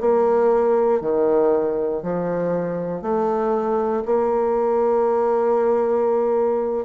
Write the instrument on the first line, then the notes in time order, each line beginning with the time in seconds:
bassoon
0.00 A#3
1.01 D#3
2.02 F3
3.01 A3
4.05 A#3